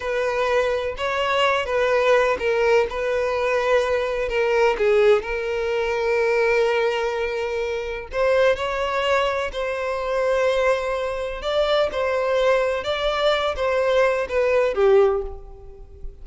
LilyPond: \new Staff \with { instrumentName = "violin" } { \time 4/4 \tempo 4 = 126 b'2 cis''4. b'8~ | b'4 ais'4 b'2~ | b'4 ais'4 gis'4 ais'4~ | ais'1~ |
ais'4 c''4 cis''2 | c''1 | d''4 c''2 d''4~ | d''8 c''4. b'4 g'4 | }